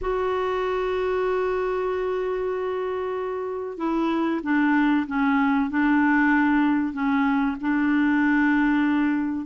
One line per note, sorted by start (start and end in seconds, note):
0.01 3.77 F#4
3.77 4.40 E4
4.43 5.06 D4
5.07 5.70 C#4
5.70 6.93 D4
6.93 7.56 C#4
7.60 9.46 D4